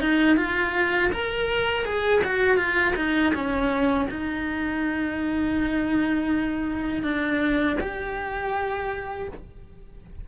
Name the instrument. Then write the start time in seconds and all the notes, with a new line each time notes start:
cello
0.00 D#4
0.36 F4
1.12 A#4
1.85 G#4
2.24 F#4
2.57 F4
2.96 D#4
3.34 C#4
4.10 D#4
7.03 D4
7.80 G4